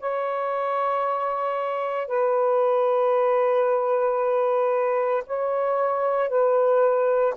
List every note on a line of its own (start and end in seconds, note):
0.00 2.08 C#5
2.08 5.23 B4
5.27 6.29 C#5
6.29 7.34 B4